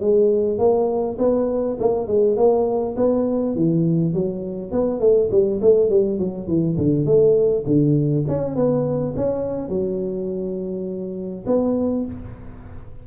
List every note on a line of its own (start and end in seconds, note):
0.00 0.58 G#3
0.58 1.17 A#3
1.18 1.77 B3
1.79 2.07 A#3
2.07 2.36 G#3
2.36 2.95 A#3
2.96 3.55 B3
3.55 4.13 E3
4.13 4.71 F#3
4.71 5.00 B3
5.00 5.29 A3
5.31 5.60 G3
5.61 5.89 A3
5.89 6.18 G3
6.18 6.47 F#3
6.47 6.77 E3
6.77 7.05 D3
7.05 7.64 A3
7.66 8.25 D3
8.28 8.55 C#4
8.55 9.14 B3
9.16 9.68 C#4
9.68 11.45 F#3
11.46 12.05 B3